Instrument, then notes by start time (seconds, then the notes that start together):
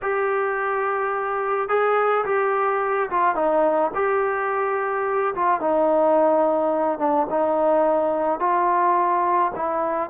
trombone
0.02 G4
1.68 G#4
2.25 G4
3.09 F4
3.35 D#4
3.94 G4
5.34 F4
5.60 D#4
6.98 D4
7.29 D#4
8.39 F4
9.55 E4